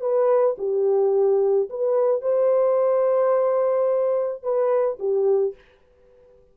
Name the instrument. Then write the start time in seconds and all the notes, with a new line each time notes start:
horn
0.00 B4
0.58 G4
1.69 B4
2.21 C5
4.42 B4
4.99 G4